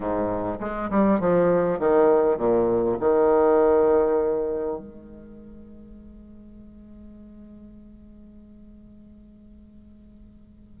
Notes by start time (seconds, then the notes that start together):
0.00 G#2
0.60 G#3
0.90 G3
1.20 F3
1.79 D#3
2.37 A#2
3.00 D#3
4.79 G#3